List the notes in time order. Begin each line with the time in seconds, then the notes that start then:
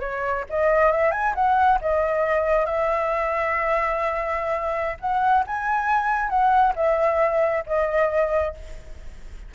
0.00 C#5
0.49 D#5
0.91 E5
1.11 G#5
1.35 F#5
1.81 D#5
2.66 E5
5.00 F#5
5.46 G#5
6.29 F#5
6.76 E5
7.66 D#5